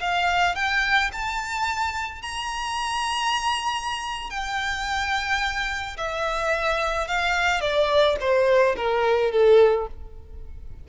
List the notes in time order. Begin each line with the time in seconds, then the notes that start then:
0.00 F5
0.55 G5
1.12 A5
2.22 A#5
4.30 G5
5.97 E5
7.07 F5
7.61 D5
8.20 C5
8.76 A#4
9.31 A4